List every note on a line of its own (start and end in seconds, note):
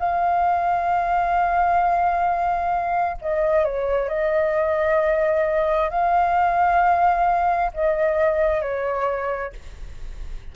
0.00 3.18 F5
3.22 3.65 D#5
3.65 4.09 C#5
4.09 5.90 D#5
5.90 7.72 F5
7.74 8.62 D#5
8.62 9.53 C#5